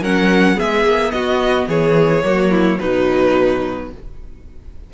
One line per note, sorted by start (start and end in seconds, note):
0.00 0.56 F#3
0.00 0.55 C#4
0.00 0.55 A#4
0.00 0.59 F#5
0.55 2.22 B3
0.55 1.11 G#4
0.55 1.11 E5
0.61 0.84 G#3
0.84 1.11 A#3
1.11 1.67 B3
1.11 1.68 F#4
1.11 1.66 D#5
1.67 2.23 E3
1.67 2.23 G#4
1.67 2.79 C#5
2.23 2.79 F#3
2.23 2.79 A#3
2.23 2.50 F#4
2.50 2.78 E4
2.79 3.93 B2
2.79 3.91 F#3
2.79 3.92 D#4
2.79 3.90 B4